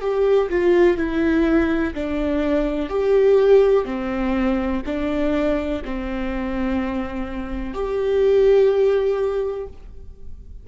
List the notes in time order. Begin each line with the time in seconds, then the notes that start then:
0.00 G4
0.49 F4
0.97 E4
1.94 D4
2.89 G4
3.84 C4
4.86 D4
5.84 C4
7.73 G4